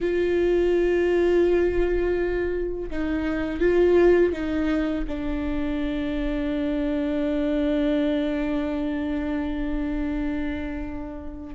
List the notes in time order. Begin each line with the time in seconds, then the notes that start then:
0.00 F4
2.90 D#4
3.60 F4
4.32 D#4
5.07 D4